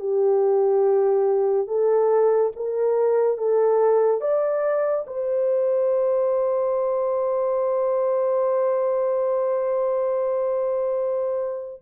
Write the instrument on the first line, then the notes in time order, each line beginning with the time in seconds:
horn
0.00 G4
1.68 A4
2.56 A#4
3.38 A4
4.21 D5
5.07 C5